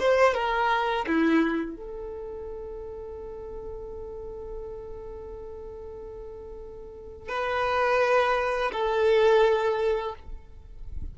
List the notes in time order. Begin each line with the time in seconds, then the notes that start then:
0.00 C5
0.35 A#4
1.07 E4
1.76 A4
7.29 B4
8.72 A4